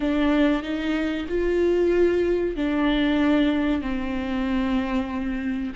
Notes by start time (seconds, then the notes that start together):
0.00 D4
0.62 D#4
1.28 F4
2.55 D4
3.82 C4